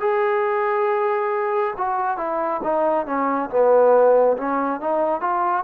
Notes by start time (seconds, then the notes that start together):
0.00 G#4
1.77 F#4
2.17 E4
2.63 D#4
3.06 C#4
3.49 B3
4.37 C#4
4.80 D#4
5.21 F4